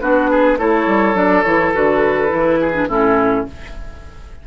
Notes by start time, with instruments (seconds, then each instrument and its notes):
0.00 bassoon B3, clarinet D4, oboe F#4, flute B4
0.30 oboe G#4
0.58 bassoon A3, clarinet E4, oboe A4, flute C#5
0.87 bassoon G3
1.14 bassoon F#3, clarinet D4, flute D5
1.43 bassoon E3, clarinet E4, flute C#5
1.74 bassoon D3, clarinet F#4, flute B4
2.28 bassoon E3, clarinet E4
2.60 oboe G#4
2.74 clarinet D4
2.88 bassoon A2, clarinet C#4, oboe E4, flute A4